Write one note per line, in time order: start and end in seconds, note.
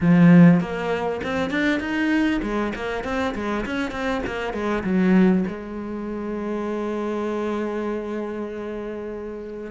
0.00 0.60 F3
0.60 1.21 A#3
1.23 1.50 C4
1.50 1.80 D4
1.80 2.40 D#4
2.42 2.72 G#3
2.75 3.04 A#3
3.04 3.34 C4
3.34 3.65 G#3
3.65 3.91 C#4
3.91 4.21 C4
4.26 4.53 A#3
4.53 4.83 G#3
4.83 5.44 F#3
5.47 9.70 G#3